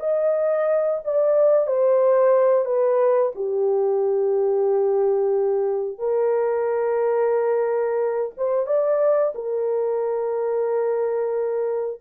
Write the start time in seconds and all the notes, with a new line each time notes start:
0.00 D#5
1.05 D5
1.67 C5
2.65 B4
3.35 G4
5.98 A#4
8.37 C5
8.66 D5
9.35 A#4